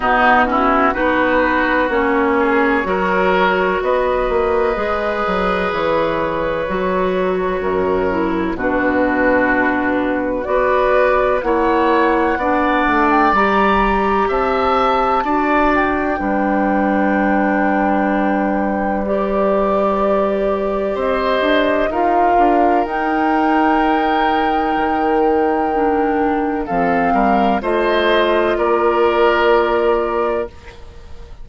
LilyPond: <<
  \new Staff \with { instrumentName = "flute" } { \time 4/4 \tempo 4 = 63 fis'4 b'4 cis''2 | dis''2 cis''2~ | cis''4 b'2 d''4 | fis''4.~ fis''16 g''16 ais''4 a''4~ |
a''8 g''2.~ g''8 | d''2 dis''4 f''4 | g''1 | f''4 dis''4 d''2 | }
  \new Staff \with { instrumentName = "oboe" } { \time 4/4 dis'8 e'8 fis'4. gis'8 ais'4 | b'1 | ais'4 fis'2 b'4 | cis''4 d''2 e''4 |
d''4 b'2.~ | b'2 c''4 ais'4~ | ais'1 | a'8 ais'8 c''4 ais'2 | }
  \new Staff \with { instrumentName = "clarinet" } { \time 4/4 b8 cis'8 dis'4 cis'4 fis'4~ | fis'4 gis'2 fis'4~ | fis'8 e'8 d'2 fis'4 | e'4 d'4 g'2 |
fis'4 d'2. | g'2. f'4 | dis'2. d'4 | c'4 f'2. | }
  \new Staff \with { instrumentName = "bassoon" } { \time 4/4 b,4 b4 ais4 fis4 | b8 ais8 gis8 fis8 e4 fis4 | fis,4 b,2 b4 | ais4 b8 a8 g4 c'4 |
d'4 g2.~ | g2 c'8 d'8 dis'8 d'8 | dis'2 dis2 | f8 g8 a4 ais2 | }
>>